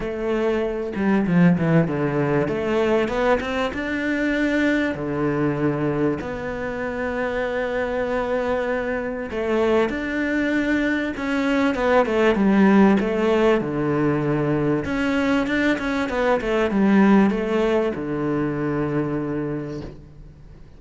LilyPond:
\new Staff \with { instrumentName = "cello" } { \time 4/4 \tempo 4 = 97 a4. g8 f8 e8 d4 | a4 b8 c'8 d'2 | d2 b2~ | b2. a4 |
d'2 cis'4 b8 a8 | g4 a4 d2 | cis'4 d'8 cis'8 b8 a8 g4 | a4 d2. | }